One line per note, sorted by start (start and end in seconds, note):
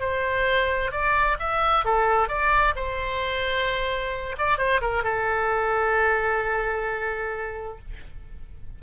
0.00 0.91 C5
0.91 1.37 D5
1.39 1.85 E5
1.85 2.29 A4
2.29 2.74 D5
2.76 4.36 C5
4.38 4.58 D5
4.58 4.81 C5
4.81 5.04 A#4
5.04 7.78 A4